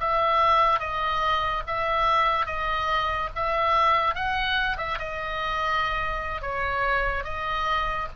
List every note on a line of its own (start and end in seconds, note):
0.00 0.80 E5
0.80 1.63 D#5
1.67 2.46 E5
2.46 3.29 D#5
3.35 4.15 E5
4.15 4.77 F#5
4.77 4.98 E5
4.99 6.42 D#5
6.42 7.24 C#5
7.24 8.07 D#5